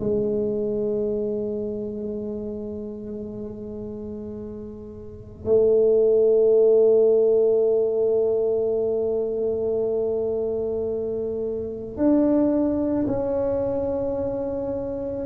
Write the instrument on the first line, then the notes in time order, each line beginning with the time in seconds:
tuba
0.00 G#3
5.45 A3
11.97 D4
13.08 C#4